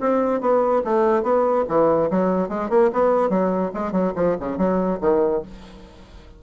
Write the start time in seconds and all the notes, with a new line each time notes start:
0.00 C4
0.40 B3
0.84 A3
1.23 B3
1.68 E3
2.10 F#3
2.49 G#3
2.70 A#3
2.92 B3
3.29 F#3
3.74 G#3
3.92 F#3
4.15 F3
4.40 C#3
4.57 F#3
5.01 D#3